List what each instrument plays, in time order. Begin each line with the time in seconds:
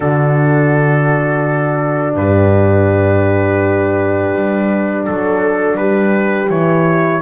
0.00 double bass D3, horn D4 F#4, trumpet A4
2.14 double bass G2, horn G4, trumpet B4
4.35 double bass G3
5.05 double bass F#3, trumpet A4, horn A4
5.76 double bass G3, horn G4, trumpet B4
6.49 double bass E3, horn E4, trumpet C#5